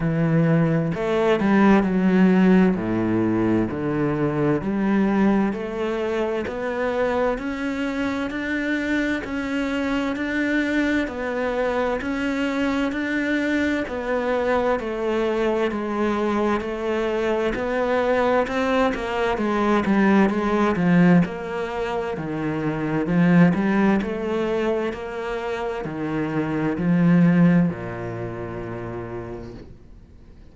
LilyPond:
\new Staff \with { instrumentName = "cello" } { \time 4/4 \tempo 4 = 65 e4 a8 g8 fis4 a,4 | d4 g4 a4 b4 | cis'4 d'4 cis'4 d'4 | b4 cis'4 d'4 b4 |
a4 gis4 a4 b4 | c'8 ais8 gis8 g8 gis8 f8 ais4 | dis4 f8 g8 a4 ais4 | dis4 f4 ais,2 | }